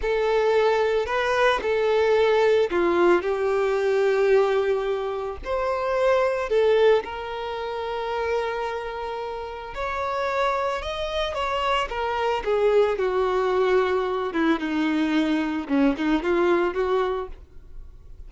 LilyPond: \new Staff \with { instrumentName = "violin" } { \time 4/4 \tempo 4 = 111 a'2 b'4 a'4~ | a'4 f'4 g'2~ | g'2 c''2 | a'4 ais'2.~ |
ais'2 cis''2 | dis''4 cis''4 ais'4 gis'4 | fis'2~ fis'8 e'8 dis'4~ | dis'4 cis'8 dis'8 f'4 fis'4 | }